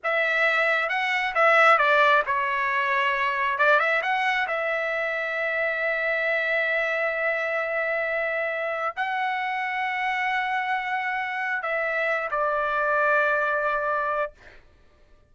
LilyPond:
\new Staff \with { instrumentName = "trumpet" } { \time 4/4 \tempo 4 = 134 e''2 fis''4 e''4 | d''4 cis''2. | d''8 e''8 fis''4 e''2~ | e''1~ |
e''1 | fis''1~ | fis''2 e''4. d''8~ | d''1 | }